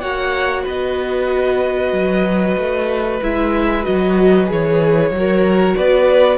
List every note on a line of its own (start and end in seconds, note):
0.00 0.66 A#3
0.00 3.20 F#4
0.00 0.63 C#5
0.00 0.64 F#5
0.63 1.92 B3
0.63 5.10 B4
0.63 3.22 D#5
1.92 2.56 F#3
2.56 3.20 A3
3.22 3.86 G#3
3.22 3.83 E4
3.22 3.84 E5
3.83 4.50 F#3
3.83 4.46 F#4
3.83 4.48 D#5
4.46 5.10 E3
4.46 5.10 G#4
4.46 5.76 C#5
5.10 5.74 F#3
5.10 6.38 F#4
5.17 5.76 A#4
5.76 6.38 B3
5.76 6.38 B4
5.76 6.38 D5